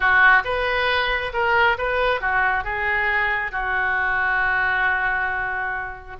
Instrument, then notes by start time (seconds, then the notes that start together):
oboe
0.00 F#4
0.44 B4
1.33 A#4
1.78 B4
2.20 F#4
2.64 G#4
3.51 F#4